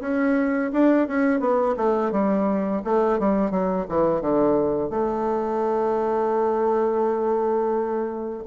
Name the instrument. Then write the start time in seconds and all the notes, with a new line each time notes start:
bassoon
0.00 C#4
0.73 D4
1.07 C#4
1.40 B3
1.76 A3
2.11 G3
2.84 A3
3.19 G3
3.50 F#3
3.89 E3
4.21 D3
4.90 A3